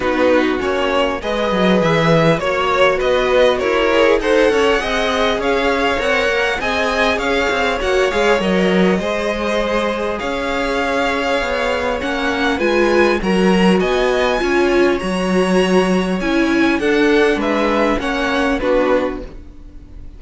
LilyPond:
<<
  \new Staff \with { instrumentName = "violin" } { \time 4/4 \tempo 4 = 100 b'4 cis''4 dis''4 e''4 | cis''4 dis''4 cis''4 fis''4~ | fis''4 f''4 fis''4 gis''4 | f''4 fis''8 f''8 dis''2~ |
dis''4 f''2. | fis''4 gis''4 ais''4 gis''4~ | gis''4 ais''2 gis''4 | fis''4 e''4 fis''4 b'4 | }
  \new Staff \with { instrumentName = "violin" } { \time 4/4 fis'2 b'2 | cis''4 b'4 ais'4 c''8 cis''8 | dis''4 cis''2 dis''4 | cis''2. c''4~ |
c''4 cis''2.~ | cis''4 b'4 ais'4 dis''4 | cis''1 | a'4 b'4 cis''4 fis'4 | }
  \new Staff \with { instrumentName = "viola" } { \time 4/4 dis'4 cis'4 gis'2 | fis'2~ fis'8 gis'8 a'4 | gis'2 ais'4 gis'4~ | gis'4 fis'8 gis'8 ais'4 gis'4~ |
gis'1 | cis'4 f'4 fis'2 | f'4 fis'2 e'4 | d'2 cis'4 d'4 | }
  \new Staff \with { instrumentName = "cello" } { \time 4/4 b4 ais4 gis8 fis8 e4 | ais4 b4 e'4 dis'8 cis'8 | c'4 cis'4 c'8 ais8 c'4 | cis'8 c'8 ais8 gis8 fis4 gis4~ |
gis4 cis'2 b4 | ais4 gis4 fis4 b4 | cis'4 fis2 cis'4 | d'4 gis4 ais4 b4 | }
>>